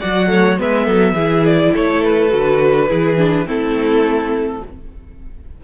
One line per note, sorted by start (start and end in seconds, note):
0.00 0.59 F#3
0.00 0.28 F#4
0.00 0.29 D5
0.00 0.59 F#5
0.28 0.56 A3
0.28 0.60 C#5
0.59 0.87 G#3
0.59 1.16 B3
0.59 0.85 B4
0.59 1.46 E5
0.85 1.13 F#3
0.85 1.14 A4
1.13 1.70 E3
1.13 2.30 E4
1.13 1.72 G#4
1.46 1.75 D5
1.74 2.33 A3
1.74 2.89 A4
1.74 2.03 C#5
2.03 3.48 B4
2.30 2.91 D3
2.30 2.87 F#4
2.89 3.47 E3
2.89 3.17 E4
2.89 3.46 G#4
3.17 3.46 D4
3.46 4.62 A3
3.46 4.62 C4
3.46 4.63 E4
3.46 4.64 A4